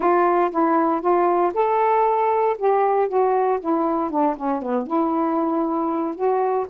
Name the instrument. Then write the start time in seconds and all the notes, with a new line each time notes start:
saxophone
0.00 F4
0.51 E4
1.01 F4
1.54 A4
2.58 G4
3.08 F#4
3.60 E4
4.10 D4
4.36 C#4
4.62 B3
4.86 E4
6.15 F#4